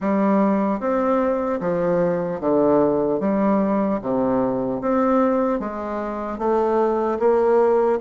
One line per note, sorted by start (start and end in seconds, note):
0.00 0.80 G3
0.80 1.60 C4
1.60 2.40 F3
2.40 3.20 D3
3.20 4.00 G3
4.01 4.81 C3
4.81 5.59 C4
5.59 6.38 G#3
6.38 7.18 A3
7.19 7.99 A#3